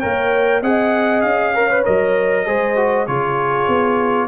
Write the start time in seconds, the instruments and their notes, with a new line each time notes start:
0.00 tuba A#3, trombone A#4, horn C#5, trumpet G5
0.62 tuba C4, trombone G#4, horn D#5, trumpet F#5
1.22 tuba C#4, trumpet F5
1.55 trombone A#4, horn C#5
1.71 trombone B4
1.85 tuba F#3, trombone A#4, trumpet D#5
2.46 tuba G#3, trombone G#4, horn C5
2.76 trombone F#4
3.07 tuba C#3, trombone F4, horn G#4, trumpet C#5
3.68 tuba B3